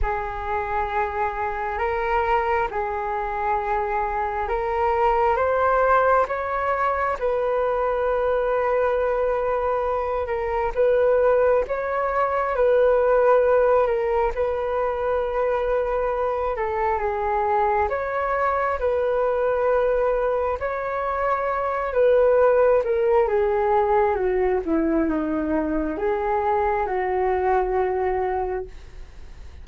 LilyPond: \new Staff \with { instrumentName = "flute" } { \time 4/4 \tempo 4 = 67 gis'2 ais'4 gis'4~ | gis'4 ais'4 c''4 cis''4 | b'2.~ b'8 ais'8 | b'4 cis''4 b'4. ais'8 |
b'2~ b'8 a'8 gis'4 | cis''4 b'2 cis''4~ | cis''8 b'4 ais'8 gis'4 fis'8 e'8 | dis'4 gis'4 fis'2 | }